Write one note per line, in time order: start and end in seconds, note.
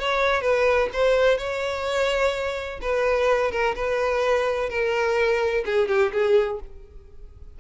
0.00 0.42 C#5
0.42 0.89 B4
0.93 1.38 C5
1.38 2.80 C#5
2.82 3.52 B4
3.52 3.75 A#4
3.76 4.70 B4
4.70 5.64 A#4
5.66 5.89 G#4
5.89 6.12 G4
6.13 6.60 G#4